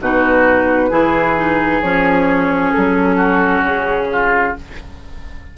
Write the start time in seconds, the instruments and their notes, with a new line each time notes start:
0.00 bassoon B2, clarinet D#4, oboe F#4, flute B4
0.90 bassoon E3, clarinet E4, oboe G#4
1.37 clarinet D#4
1.81 bassoon F3, clarinet C#4, flute C#5
2.71 bassoon F#3, flute A4
3.16 oboe F#4
3.61 bassoon C#3, flute G#4
4.12 oboe F4